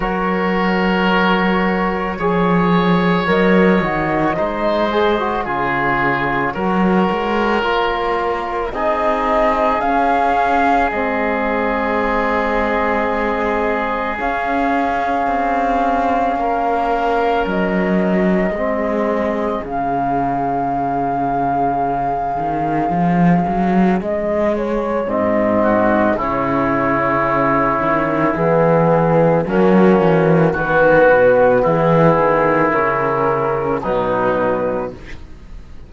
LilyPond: <<
  \new Staff \with { instrumentName = "flute" } { \time 4/4 \tempo 4 = 55 cis''2. dis''4~ | dis''4 cis''2. | dis''4 f''4 dis''2~ | dis''4 f''2. |
dis''2 f''2~ | f''2 dis''8 cis''8 dis''4 | cis''2 gis'4 fis'4 | b'4 gis'4 ais'4 b'4 | }
  \new Staff \with { instrumentName = "oboe" } { \time 4/4 ais'2 cis''2 | c''4 gis'4 ais'2 | gis'1~ | gis'2. ais'4~ |
ais'4 gis'2.~ | gis'2.~ gis'8 fis'8 | e'2. cis'4 | fis'4 e'2 dis'4 | }
  \new Staff \with { instrumentName = "trombone" } { \time 4/4 fis'2 gis'4 ais'8 fis'8 | dis'8 gis'16 fis'16 f'4 fis'4 f'4 | dis'4 cis'4 c'2~ | c'4 cis'2.~ |
cis'4 c'4 cis'2~ | cis'2. c'4 | cis'2 b4 ais4 | b2 cis'4 fis4 | }
  \new Staff \with { instrumentName = "cello" } { \time 4/4 fis2 f4 fis8 dis8 | gis4 cis4 fis8 gis8 ais4 | c'4 cis'4 gis2~ | gis4 cis'4 c'4 ais4 |
fis4 gis4 cis2~ | cis8 dis8 f8 fis8 gis4 gis,4 | cis4. dis8 e4 fis8 e8 | dis8 b,8 e8 dis8 cis4 b,4 | }
>>